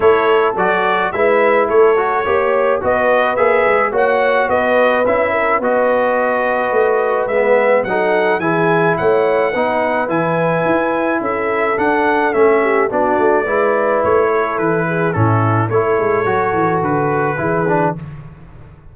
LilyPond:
<<
  \new Staff \with { instrumentName = "trumpet" } { \time 4/4 \tempo 4 = 107 cis''4 d''4 e''4 cis''4~ | cis''4 dis''4 e''4 fis''4 | dis''4 e''4 dis''2~ | dis''4 e''4 fis''4 gis''4 |
fis''2 gis''2 | e''4 fis''4 e''4 d''4~ | d''4 cis''4 b'4 a'4 | cis''2 b'2 | }
  \new Staff \with { instrumentName = "horn" } { \time 4/4 a'2 b'4 a'4 | cis''4 b'2 cis''4 | b'4. ais'8 b'2~ | b'2 a'4 gis'4 |
cis''4 b'2. | a'2~ a'8 g'8 fis'4 | b'4. a'4 gis'8 e'4 | a'2. gis'4 | }
  \new Staff \with { instrumentName = "trombone" } { \time 4/4 e'4 fis'4 e'4. fis'8 | g'4 fis'4 gis'4 fis'4~ | fis'4 e'4 fis'2~ | fis'4 b4 dis'4 e'4~ |
e'4 dis'4 e'2~ | e'4 d'4 cis'4 d'4 | e'2. cis'4 | e'4 fis'2 e'8 d'8 | }
  \new Staff \with { instrumentName = "tuba" } { \time 4/4 a4 fis4 gis4 a4 | ais4 b4 ais8 gis8 ais4 | b4 cis'4 b2 | a4 gis4 fis4 e4 |
a4 b4 e4 e'4 | cis'4 d'4 a4 b8 a8 | gis4 a4 e4 a,4 | a8 gis8 fis8 e8 d4 e4 | }
>>